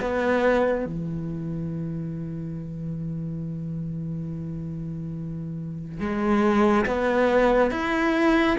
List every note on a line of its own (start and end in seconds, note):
0.00 0.85 B3
0.85 6.00 E3
6.00 6.85 G#3
6.85 7.71 B3
7.71 8.57 E4